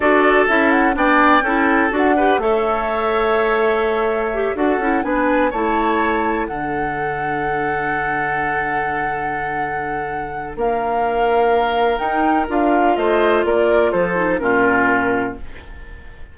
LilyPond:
<<
  \new Staff \with { instrumentName = "flute" } { \time 4/4 \tempo 4 = 125 d''4 e''8 fis''8 g''2 | fis''4 e''2.~ | e''4. fis''4 gis''4 a''8~ | a''4. fis''2~ fis''8~ |
fis''1~ | fis''2 f''2~ | f''4 g''4 f''4 dis''4 | d''4 c''4 ais'2 | }
  \new Staff \with { instrumentName = "oboe" } { \time 4/4 a'2 d''4 a'4~ | a'8 b'8 cis''2.~ | cis''4. a'4 b'4 cis''8~ | cis''4. a'2~ a'8~ |
a'1~ | a'2 ais'2~ | ais'2. c''4 | ais'4 a'4 f'2 | }
  \new Staff \with { instrumentName = "clarinet" } { \time 4/4 fis'4 e'4 d'4 e'4 | fis'8 g'8 a'2.~ | a'4 g'8 fis'8 e'8 d'4 e'8~ | e'4. d'2~ d'8~ |
d'1~ | d'1~ | d'4 dis'4 f'2~ | f'4. dis'8 cis'2 | }
  \new Staff \with { instrumentName = "bassoon" } { \time 4/4 d'4 cis'4 b4 cis'4 | d'4 a2.~ | a4. d'8 cis'8 b4 a8~ | a4. d2~ d8~ |
d1~ | d2 ais2~ | ais4 dis'4 d'4 a4 | ais4 f4 ais,2 | }
>>